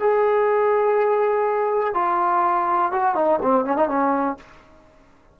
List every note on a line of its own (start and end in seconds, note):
0.00 1.95 G#4
1.95 2.92 F4
2.92 3.16 F#4
3.16 3.40 D#4
3.43 3.66 C4
3.66 3.77 C#4
3.77 3.88 D#4
3.88 4.37 C#4